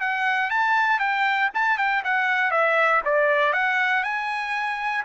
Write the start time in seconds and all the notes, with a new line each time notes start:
0.00 F#5
0.50 A5
0.99 G5
1.54 A5
1.78 G5
2.04 F#5
2.51 E5
3.05 D5
3.53 F#5
4.03 G#5